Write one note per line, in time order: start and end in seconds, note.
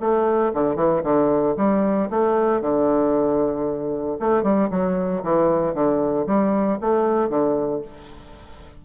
0.00 0.52 A3
0.54 0.75 D3
0.75 1.02 E3
1.03 1.55 D3
1.57 2.09 G3
2.10 2.61 A3
2.61 4.17 D3
4.20 4.43 A3
4.43 4.69 G3
4.71 5.23 F#3
5.23 5.74 E3
5.74 6.26 D3
6.26 6.78 G3
6.80 7.29 A3
7.29 7.81 D3